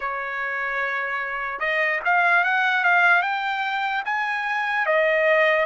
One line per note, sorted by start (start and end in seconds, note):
0.00 1.59 C#5
1.59 2.00 D#5
2.04 2.43 F5
2.43 2.84 F#5
2.84 3.22 F5
3.22 4.03 G5
4.05 4.86 G#5
4.86 5.65 D#5